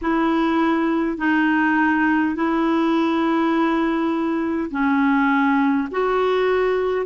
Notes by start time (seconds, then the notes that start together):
0.01 E4
1.17 D#4
2.35 E4
4.71 C#4
5.91 F#4